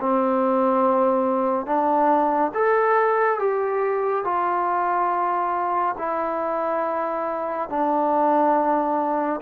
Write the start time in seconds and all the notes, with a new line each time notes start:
0.00 C4
1.66 D4
2.54 A4
3.39 G4
4.24 F4
5.98 E4
7.69 D4